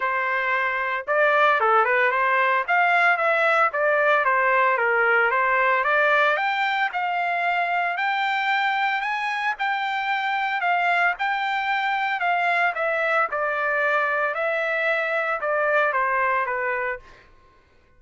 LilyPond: \new Staff \with { instrumentName = "trumpet" } { \time 4/4 \tempo 4 = 113 c''2 d''4 a'8 b'8 | c''4 f''4 e''4 d''4 | c''4 ais'4 c''4 d''4 | g''4 f''2 g''4~ |
g''4 gis''4 g''2 | f''4 g''2 f''4 | e''4 d''2 e''4~ | e''4 d''4 c''4 b'4 | }